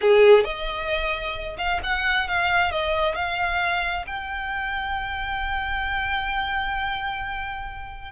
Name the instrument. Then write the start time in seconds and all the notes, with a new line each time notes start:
violin
0.01 G#4
0.44 D#5
1.57 F5
1.83 F#5
2.28 F5
2.71 D#5
3.15 F5
4.06 G5